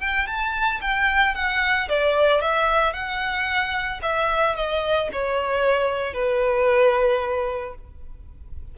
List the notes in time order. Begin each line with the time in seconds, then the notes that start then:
0.00 G5
0.26 A5
0.81 G5
1.34 F#5
1.88 D5
2.41 E5
2.93 F#5
4.02 E5
4.55 D#5
5.12 C#5
6.13 B4